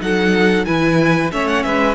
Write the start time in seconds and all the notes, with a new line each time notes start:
0.00 F#3 D#4 A4 F#5
0.65 E3 E4 B4 G#5
1.32 A3 C#4 C#5 E5
1.48 F#5
1.63 G#3 B4 E5